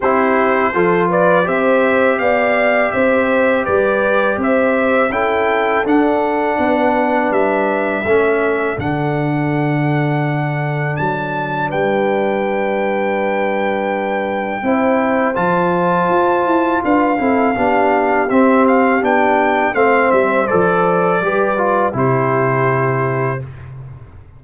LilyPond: <<
  \new Staff \with { instrumentName = "trumpet" } { \time 4/4 \tempo 4 = 82 c''4. d''8 e''4 f''4 | e''4 d''4 e''4 g''4 | fis''2 e''2 | fis''2. a''4 |
g''1~ | g''4 a''2 f''4~ | f''4 e''8 f''8 g''4 f''8 e''8 | d''2 c''2 | }
  \new Staff \with { instrumentName = "horn" } { \time 4/4 g'4 a'8 b'8 c''4 d''4 | c''4 b'4 c''4 a'4~ | a'4 b'2 a'4~ | a'1 |
b'1 | c''2. b'8 a'8 | g'2. c''4~ | c''4 b'4 g'2 | }
  \new Staff \with { instrumentName = "trombone" } { \time 4/4 e'4 f'4 g'2~ | g'2. e'4 | d'2. cis'4 | d'1~ |
d'1 | e'4 f'2~ f'8 e'8 | d'4 c'4 d'4 c'4 | a'4 g'8 f'8 e'2 | }
  \new Staff \with { instrumentName = "tuba" } { \time 4/4 c'4 f4 c'4 b4 | c'4 g4 c'4 cis'4 | d'4 b4 g4 a4 | d2. fis4 |
g1 | c'4 f4 f'8 e'8 d'8 c'8 | b4 c'4 b4 a8 g8 | f4 g4 c2 | }
>>